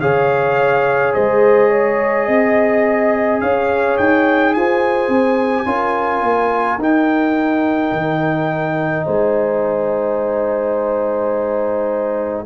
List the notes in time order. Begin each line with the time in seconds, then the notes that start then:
0.00 C#3 G#4 C#5 F5
1.14 G#3 C5 D#5
1.69 C#5
2.25 C4 D#5
3.40 C#4 C#5 F5
3.97 D#4 G5
4.54 F4 C5 G#5
5.08 C4
5.65 C#4 F4 A#4
6.22 A#3
6.78 D#4 G5
7.92 D#3
9.05 G#3 C5 G#5